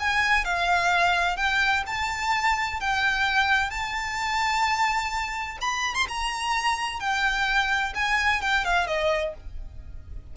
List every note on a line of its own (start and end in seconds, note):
0.00 0.45 G#5
0.45 1.37 F5
1.37 1.83 G5
1.87 2.80 A5
2.80 3.70 G5
3.70 5.58 A5
5.61 5.95 B5
5.95 6.06 C6
6.08 7.00 A#5
7.00 7.93 G5
7.95 8.42 G#5
8.42 8.65 G5
8.65 8.87 F5
8.87 9.34 D#5